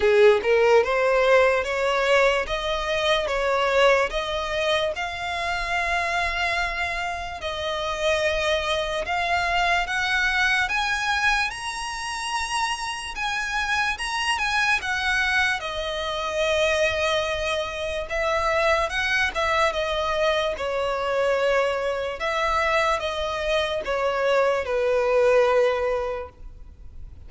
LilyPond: \new Staff \with { instrumentName = "violin" } { \time 4/4 \tempo 4 = 73 gis'8 ais'8 c''4 cis''4 dis''4 | cis''4 dis''4 f''2~ | f''4 dis''2 f''4 | fis''4 gis''4 ais''2 |
gis''4 ais''8 gis''8 fis''4 dis''4~ | dis''2 e''4 fis''8 e''8 | dis''4 cis''2 e''4 | dis''4 cis''4 b'2 | }